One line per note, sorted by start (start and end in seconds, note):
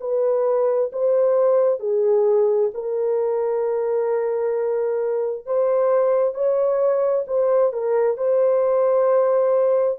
0.00 0.91 B4
0.92 1.79 C5
1.79 2.70 G#4
2.74 5.45 A#4
5.45 6.34 C5
6.34 7.25 C#5
7.27 7.72 C5
7.73 8.17 A#4
8.17 9.98 C5